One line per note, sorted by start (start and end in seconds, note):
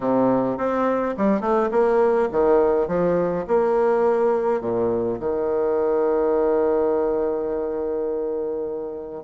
0.00 0.57 C3
0.57 1.15 C4
1.17 1.40 G3
1.40 1.69 A3
1.71 2.28 A#3
2.31 2.87 D#3
2.87 3.45 F3
3.47 4.60 A#3
4.60 5.18 A#2
5.19 9.23 D#3